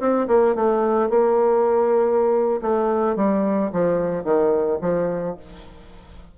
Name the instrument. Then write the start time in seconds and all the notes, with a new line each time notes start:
bassoon
0.00 C4
0.28 A#3
0.55 A3
1.10 A#3
2.62 A3
3.16 G3
3.72 F3
4.24 D#3
4.81 F3